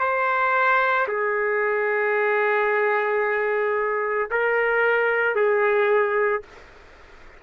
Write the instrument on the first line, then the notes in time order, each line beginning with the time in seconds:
trumpet
0.00 C5
1.08 G#4
4.31 A#4
5.36 G#4